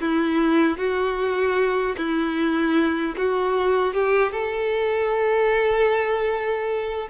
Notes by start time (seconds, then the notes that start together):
0.00 E4
0.77 F#4
1.97 E4
3.17 F#4
3.93 G4
4.32 A4